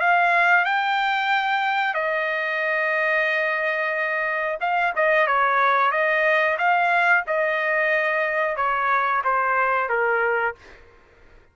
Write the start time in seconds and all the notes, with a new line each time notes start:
0.00 F5
0.65 G5
1.94 D#5
4.60 F5
4.96 D#5
5.27 C#5
5.91 D#5
6.58 F5
7.27 D#5
8.56 C#5
9.24 C5
9.89 A#4